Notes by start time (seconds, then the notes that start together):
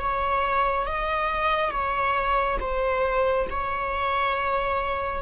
0.00 C#5
0.87 D#5
1.71 C#5
2.60 C5
3.50 C#5